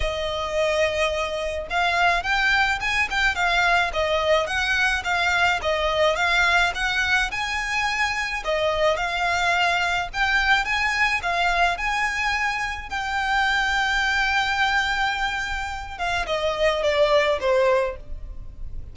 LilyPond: \new Staff \with { instrumentName = "violin" } { \time 4/4 \tempo 4 = 107 dis''2. f''4 | g''4 gis''8 g''8 f''4 dis''4 | fis''4 f''4 dis''4 f''4 | fis''4 gis''2 dis''4 |
f''2 g''4 gis''4 | f''4 gis''2 g''4~ | g''1~ | g''8 f''8 dis''4 d''4 c''4 | }